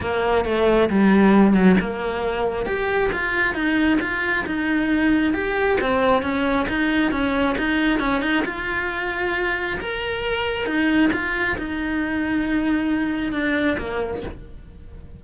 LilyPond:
\new Staff \with { instrumentName = "cello" } { \time 4/4 \tempo 4 = 135 ais4 a4 g4. fis8 | ais2 g'4 f'4 | dis'4 f'4 dis'2 | g'4 c'4 cis'4 dis'4 |
cis'4 dis'4 cis'8 dis'8 f'4~ | f'2 ais'2 | dis'4 f'4 dis'2~ | dis'2 d'4 ais4 | }